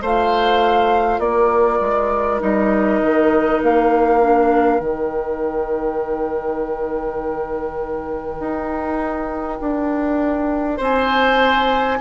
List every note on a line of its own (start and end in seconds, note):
0.00 1.19 A3
0.00 2.40 F4
0.00 1.20 C5
0.00 1.20 F5
1.19 1.79 A#3
1.19 10.77 A#4
1.19 2.40 D5
1.80 2.40 G#3
2.40 3.02 G3
2.40 4.20 D#4
2.40 3.62 D#5
3.02 3.62 D#3
3.62 4.80 A#3
3.62 4.80 F5
4.20 4.79 D4
4.79 8.39 D#3
4.79 11.99 D#4
4.79 10.80 G5
8.39 9.59 D#4
9.60 10.80 D4
10.77 12.00 C4
10.77 11.97 C5
10.77 12.00 G#5